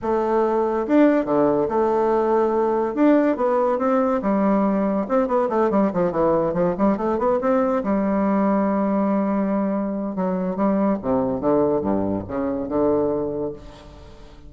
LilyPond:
\new Staff \with { instrumentName = "bassoon" } { \time 4/4 \tempo 4 = 142 a2 d'4 d4 | a2. d'4 | b4 c'4 g2 | c'8 b8 a8 g8 f8 e4 f8 |
g8 a8 b8 c'4 g4.~ | g1 | fis4 g4 c4 d4 | g,4 cis4 d2 | }